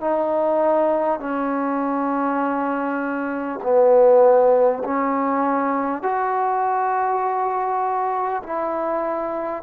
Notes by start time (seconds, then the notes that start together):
0.00 D#4
1.19 C#4
3.63 B3
4.84 C#4
6.02 F#4
8.43 E4